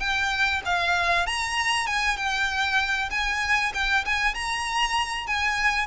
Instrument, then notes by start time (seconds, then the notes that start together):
violin
0.00 G5
0.66 F5
1.27 A#5
1.87 G#5
2.17 G5
3.11 G#5
3.74 G5
4.05 G#5
4.35 A#5
5.27 G#5